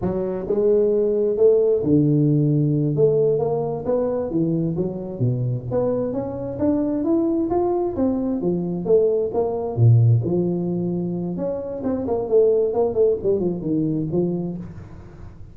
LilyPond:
\new Staff \with { instrumentName = "tuba" } { \time 4/4 \tempo 4 = 132 fis4 gis2 a4 | d2~ d8 a4 ais8~ | ais8 b4 e4 fis4 b,8~ | b,8 b4 cis'4 d'4 e'8~ |
e'8 f'4 c'4 f4 a8~ | a8 ais4 ais,4 f4.~ | f4 cis'4 c'8 ais8 a4 | ais8 a8 g8 f8 dis4 f4 | }